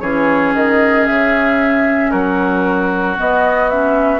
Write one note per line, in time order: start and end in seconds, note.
0.00 0.54 E3
0.00 3.16 C#4
0.00 2.11 G#4
0.00 0.53 C#5
0.54 1.07 D#3
0.54 1.05 D#5
1.05 2.12 C#3
1.05 2.11 E5
2.11 3.18 F#3
2.11 4.20 F#4
2.11 3.16 A#4
3.16 3.69 B3
3.16 4.20 B3
3.16 3.69 D#5
3.69 4.20 C#4
3.69 4.20 E5